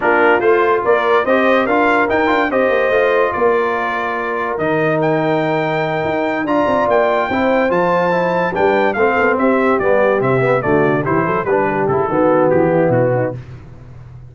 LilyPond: <<
  \new Staff \with { instrumentName = "trumpet" } { \time 4/4 \tempo 4 = 144 ais'4 c''4 d''4 dis''4 | f''4 g''4 dis''2 | d''2. dis''4 | g''2.~ g''8 ais''8~ |
ais''8 g''2 a''4.~ | a''8 g''4 f''4 e''4 d''8~ | d''8 e''4 d''4 c''4 b'8~ | b'8 a'4. g'4 fis'4 | }
  \new Staff \with { instrumentName = "horn" } { \time 4/4 f'2 ais'4 c''4 | ais'2 c''2 | ais'1~ | ais'2.~ ais'8 d''8~ |
d''4. c''2~ c''8~ | c''8 b'4 a'4 g'4.~ | g'4. fis'4 g'8 a'8 b'8 | g'4 fis'4. e'4 dis'8 | }
  \new Staff \with { instrumentName = "trombone" } { \time 4/4 d'4 f'2 g'4 | f'4 dis'8 f'8 g'4 f'4~ | f'2. dis'4~ | dis'2.~ dis'8 f'8~ |
f'4. e'4 f'4 e'8~ | e'8 d'4 c'2 b8~ | b8 c'8 b8 a4 e'4 d'8~ | d'8 e'8 b2. | }
  \new Staff \with { instrumentName = "tuba" } { \time 4/4 ais4 a4 ais4 c'4 | d'4 dis'8 d'8 c'8 ais8 a4 | ais2. dis4~ | dis2~ dis8 dis'4 d'8 |
c'8 ais4 c'4 f4.~ | f8 g4 a8 b8 c'4 g8~ | g8 c4 d4 e8 fis8 g8~ | g8 cis8 dis4 e4 b,4 | }
>>